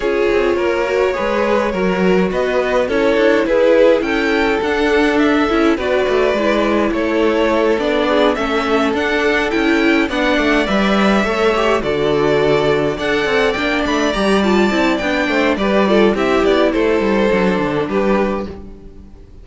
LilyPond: <<
  \new Staff \with { instrumentName = "violin" } { \time 4/4 \tempo 4 = 104 cis''1 | dis''4 cis''4 b'4 g''4 | fis''4 e''4 d''2 | cis''4. d''4 e''4 fis''8~ |
fis''8 g''4 fis''4 e''4.~ | e''8 d''2 fis''4 g''8 | b''8 ais''8 a''4 g''4 d''4 | e''8 d''8 c''2 b'4 | }
  \new Staff \with { instrumentName = "violin" } { \time 4/4 gis'4 ais'4 b'4 ais'4 | b'4 a'4 gis'4 a'4~ | a'2 b'2 | a'2 gis'8 a'4.~ |
a'4. d''2 cis''8~ | cis''8 a'2 d''4.~ | d''2~ d''8 c''8 b'8 a'8 | g'4 a'2 g'4 | }
  \new Staff \with { instrumentName = "viola" } { \time 4/4 f'4. fis'8 gis'4 fis'4~ | fis'4 e'2. | d'4. e'8 fis'4 e'4~ | e'4. d'4 cis'4 d'8~ |
d'8 e'4 d'4 b'4 a'8 | g'8 fis'2 a'4 d'8~ | d'8 g'8 f'8 e'8 d'4 g'8 f'8 | e'2 d'2 | }
  \new Staff \with { instrumentName = "cello" } { \time 4/4 cis'8 c'8 ais4 gis4 fis4 | b4 cis'8 d'8 e'4 cis'4 | d'4. cis'8 b8 a8 gis4 | a4. b4 a4 d'8~ |
d'8 cis'4 b8 a8 g4 a8~ | a8 d2 d'8 c'8 ais8 | a8 g4 c'8 b8 a8 g4 | c'8 b8 a8 g8 fis8 d8 g4 | }
>>